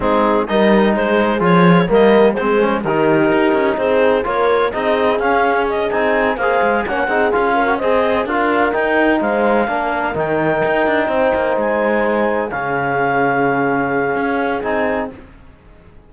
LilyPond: <<
  \new Staff \with { instrumentName = "clarinet" } { \time 4/4 \tempo 4 = 127 gis'4 dis''4 c''4 cis''4 | dis''4 c''4 ais'2 | c''4 cis''4 dis''4 f''4 | dis''8 gis''4 f''4 fis''4 f''8~ |
f''8 dis''4 f''4 g''4 f''8~ | f''4. g''2~ g''8~ | g''8 gis''2 f''4.~ | f''2. gis''4 | }
  \new Staff \with { instrumentName = "horn" } { \time 4/4 dis'4 ais'4 gis'2 | ais'4 gis'4 g'2 | gis'4 ais'4 gis'2~ | gis'4. c''4 cis''8 gis'4 |
ais'8 c''4 ais'2 c''8~ | c''8 ais'2. c''8~ | c''2~ c''8 gis'4.~ | gis'1 | }
  \new Staff \with { instrumentName = "trombone" } { \time 4/4 c'4 dis'2 f'4 | ais4 c'8 cis'8 dis'2~ | dis'4 f'4 dis'4 cis'4~ | cis'8 dis'4 gis'4 cis'8 dis'8 f'8~ |
f'16 fis'16 gis'4 f'4 dis'4.~ | dis'8 d'4 dis'2~ dis'8~ | dis'2~ dis'8 cis'4.~ | cis'2. dis'4 | }
  \new Staff \with { instrumentName = "cello" } { \time 4/4 gis4 g4 gis4 f4 | g4 gis4 dis4 dis'8 cis'8 | c'4 ais4 c'4 cis'4~ | cis'8 c'4 ais8 gis8 ais8 c'8 cis'8~ |
cis'8 c'4 d'4 dis'4 gis8~ | gis8 ais4 dis4 dis'8 d'8 c'8 | ais8 gis2 cis4.~ | cis2 cis'4 c'4 | }
>>